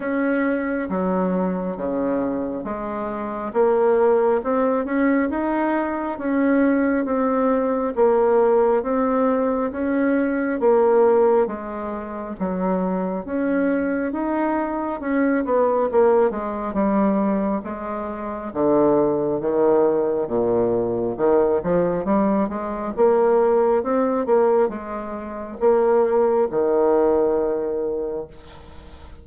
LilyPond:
\new Staff \with { instrumentName = "bassoon" } { \time 4/4 \tempo 4 = 68 cis'4 fis4 cis4 gis4 | ais4 c'8 cis'8 dis'4 cis'4 | c'4 ais4 c'4 cis'4 | ais4 gis4 fis4 cis'4 |
dis'4 cis'8 b8 ais8 gis8 g4 | gis4 d4 dis4 ais,4 | dis8 f8 g8 gis8 ais4 c'8 ais8 | gis4 ais4 dis2 | }